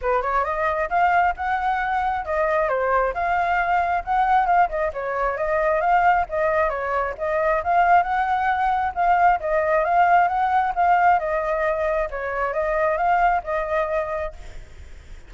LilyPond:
\new Staff \with { instrumentName = "flute" } { \time 4/4 \tempo 4 = 134 b'8 cis''8 dis''4 f''4 fis''4~ | fis''4 dis''4 c''4 f''4~ | f''4 fis''4 f''8 dis''8 cis''4 | dis''4 f''4 dis''4 cis''4 |
dis''4 f''4 fis''2 | f''4 dis''4 f''4 fis''4 | f''4 dis''2 cis''4 | dis''4 f''4 dis''2 | }